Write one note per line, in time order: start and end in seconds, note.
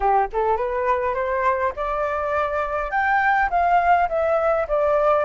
0.00 0.28 G4
0.33 0.56 A4
0.56 1.14 B4
1.14 1.72 C5
1.76 2.90 D5
2.90 3.49 G5
3.50 4.08 F5
4.08 4.67 E5
4.68 5.24 D5